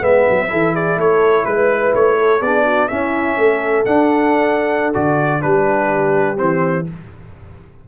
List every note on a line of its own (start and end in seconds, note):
0.00 0.25 G#3
0.00 0.48 B3
0.00 0.48 B4
0.00 0.75 E5
0.29 0.52 F#3
0.48 0.96 E3
0.48 2.40 E4
0.48 0.74 A4
0.74 0.97 G#4
0.74 0.99 D5
0.96 1.44 A3
0.96 1.45 A4
0.96 1.45 C#5
1.45 1.93 G#3
1.45 1.93 B4
1.45 2.18 B4
1.94 2.41 A3
1.94 2.42 C#5
2.19 2.39 A4
2.39 2.89 B3
2.39 2.89 D4
2.39 2.63 G#4
2.39 2.88 D5
2.64 2.88 F#4
2.88 3.85 C#4
2.88 3.37 C#4
2.88 3.38 E4
2.88 3.84 E5
3.37 3.85 A3
3.37 5.42 A4
3.85 4.93 D4
3.85 4.93 F#5
4.93 5.43 D3
4.93 5.41 F#4
4.93 5.41 D5
5.41 6.40 G3
5.41 6.36 D4
5.41 6.86 G4
5.41 6.37 B4
6.36 6.88 E3
6.36 6.84 C4
6.36 6.85 C5